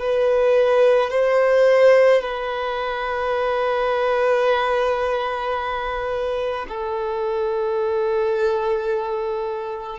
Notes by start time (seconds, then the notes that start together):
0.00 B4
1.11 C5
2.22 B4
6.69 A4